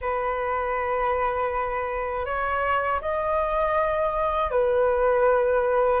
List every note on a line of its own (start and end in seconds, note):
0.01 2.25 B4
2.25 3.00 C#5
3.01 4.50 D#5
4.50 6.00 B4